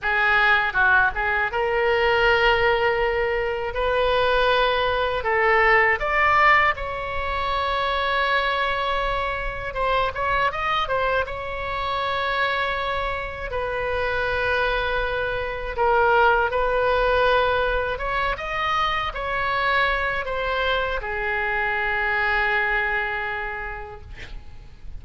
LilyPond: \new Staff \with { instrumentName = "oboe" } { \time 4/4 \tempo 4 = 80 gis'4 fis'8 gis'8 ais'2~ | ais'4 b'2 a'4 | d''4 cis''2.~ | cis''4 c''8 cis''8 dis''8 c''8 cis''4~ |
cis''2 b'2~ | b'4 ais'4 b'2 | cis''8 dis''4 cis''4. c''4 | gis'1 | }